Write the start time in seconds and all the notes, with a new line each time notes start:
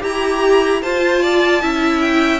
0.00 E4 G4 A#5
0.82 F4 C5 A5
1.22 D5
1.62 C#4 E4 E5
2.01 G5